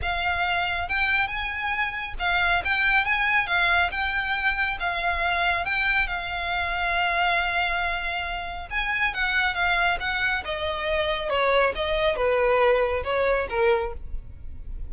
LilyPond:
\new Staff \with { instrumentName = "violin" } { \time 4/4 \tempo 4 = 138 f''2 g''4 gis''4~ | gis''4 f''4 g''4 gis''4 | f''4 g''2 f''4~ | f''4 g''4 f''2~ |
f''1 | gis''4 fis''4 f''4 fis''4 | dis''2 cis''4 dis''4 | b'2 cis''4 ais'4 | }